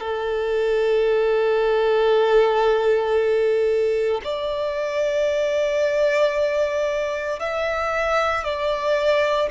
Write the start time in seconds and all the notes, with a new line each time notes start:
0.00 A4
4.24 D5
7.39 E5
8.44 D5